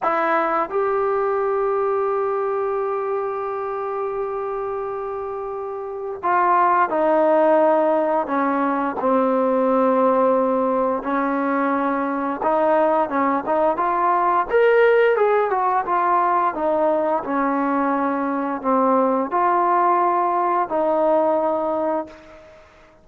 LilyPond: \new Staff \with { instrumentName = "trombone" } { \time 4/4 \tempo 4 = 87 e'4 g'2.~ | g'1~ | g'4 f'4 dis'2 | cis'4 c'2. |
cis'2 dis'4 cis'8 dis'8 | f'4 ais'4 gis'8 fis'8 f'4 | dis'4 cis'2 c'4 | f'2 dis'2 | }